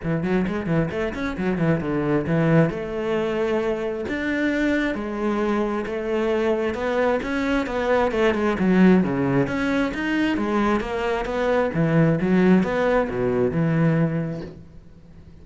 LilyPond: \new Staff \with { instrumentName = "cello" } { \time 4/4 \tempo 4 = 133 e8 fis8 gis8 e8 a8 cis'8 fis8 e8 | d4 e4 a2~ | a4 d'2 gis4~ | gis4 a2 b4 |
cis'4 b4 a8 gis8 fis4 | cis4 cis'4 dis'4 gis4 | ais4 b4 e4 fis4 | b4 b,4 e2 | }